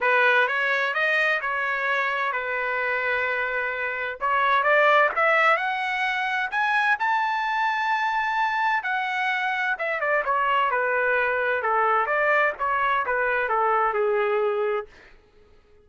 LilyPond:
\new Staff \with { instrumentName = "trumpet" } { \time 4/4 \tempo 4 = 129 b'4 cis''4 dis''4 cis''4~ | cis''4 b'2.~ | b'4 cis''4 d''4 e''4 | fis''2 gis''4 a''4~ |
a''2. fis''4~ | fis''4 e''8 d''8 cis''4 b'4~ | b'4 a'4 d''4 cis''4 | b'4 a'4 gis'2 | }